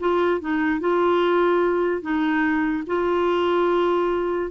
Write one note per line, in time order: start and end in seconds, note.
0.00 0.41 F4
0.41 0.80 D#4
0.80 2.02 F4
2.02 2.84 D#4
2.86 4.51 F4